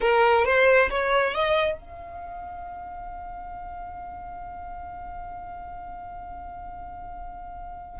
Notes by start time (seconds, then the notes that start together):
0.00 A#4
0.45 C5
0.90 C#5
1.34 D#5
1.78 F5